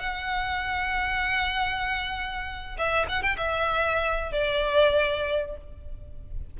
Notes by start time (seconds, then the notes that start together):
0.00 F#5
2.79 E5
3.09 F#5
3.23 G5
3.38 E5
4.32 D5